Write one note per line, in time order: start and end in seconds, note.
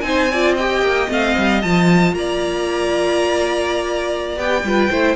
0.00 0.81 C4
0.00 0.28 D#4
0.00 0.31 C5
0.00 0.53 G#5
0.31 0.59 F4
0.31 0.54 D5
0.54 1.07 G4
0.54 2.12 D#5
0.54 1.09 G5
0.81 1.07 A#3
1.07 1.34 A3
1.07 1.60 C4
1.07 1.62 F5
1.37 1.63 G3
1.62 2.13 F3
1.62 4.36 F4
1.62 2.14 A5
2.13 4.36 A#3
2.13 4.67 D5
2.13 4.38 A#5
4.36 4.62 B3
4.36 4.62 G4
4.36 5.16 G5
4.63 4.89 G3
4.63 4.91 F4
4.63 4.90 B4
4.90 5.16 A3
4.90 5.16 E4
4.90 5.16 C5